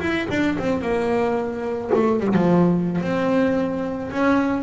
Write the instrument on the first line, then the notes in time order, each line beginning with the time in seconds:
double bass
0.00 E4
0.30 D4
0.59 C4
0.81 A#3
1.94 A3
2.20 G3
2.34 F3
3.01 C4
4.11 C#4